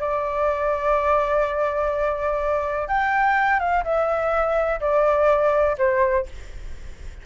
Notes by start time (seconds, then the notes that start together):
0.00 D5
2.88 G5
3.60 F5
3.84 E5
4.80 D5
5.78 C5